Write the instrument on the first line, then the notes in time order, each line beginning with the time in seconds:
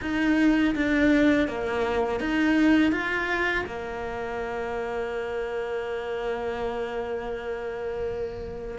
cello
0.01 D#4
0.75 D4
1.47 A#3
2.20 D#4
2.92 F4
3.66 A#3